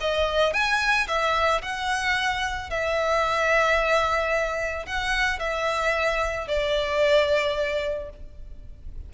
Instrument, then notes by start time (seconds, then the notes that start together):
violin
0.00 D#5
0.53 G#5
1.07 E5
1.61 F#5
2.70 E5
4.86 F#5
5.39 E5
6.47 D5